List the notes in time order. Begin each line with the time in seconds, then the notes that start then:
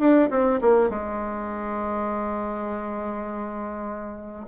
0.00 D4
0.31 C4
0.62 A#3
0.90 G#3